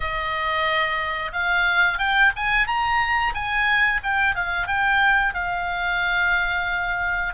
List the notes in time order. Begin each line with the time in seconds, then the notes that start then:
0.00 D#5
1.32 F5
1.98 G5
2.36 G#5
2.67 A#5
3.34 G#5
4.03 G5
4.35 F5
4.67 G5
5.34 F5